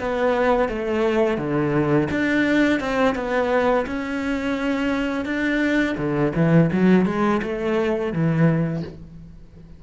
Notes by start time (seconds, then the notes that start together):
0.00 B3
0.69 A3
1.38 D3
2.11 D4
2.80 C4
3.16 B3
3.87 C#4
5.26 D4
5.98 D3
6.36 E3
6.73 F#3
7.06 G#3
7.43 A3
8.13 E3